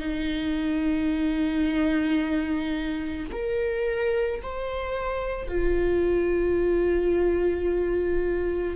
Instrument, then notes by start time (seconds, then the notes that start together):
viola
0.00 D#4
3.33 A#4
4.43 C5
5.48 F4